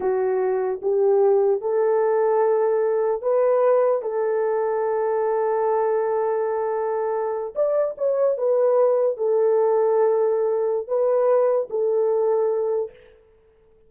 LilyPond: \new Staff \with { instrumentName = "horn" } { \time 4/4 \tempo 4 = 149 fis'2 g'2 | a'1 | b'2 a'2~ | a'1~ |
a'2~ a'8. d''4 cis''16~ | cis''8. b'2 a'4~ a'16~ | a'2. b'4~ | b'4 a'2. | }